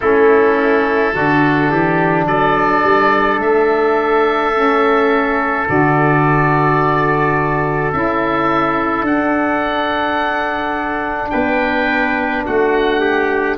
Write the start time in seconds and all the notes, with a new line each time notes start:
0.00 A3 C#4 E4 A4
1.12 D3 D4 F#4
1.70 E3 G4
2.26 F#3 A4 D5
2.83 G3
3.38 A3 E5
4.53 C#4
5.66 D3 F#4 D5
7.92 C#4 E4 E5
9.02 D4 F#5
11.30 B3 B4 G5
12.46 A3 F#4 F#5
13.00 G4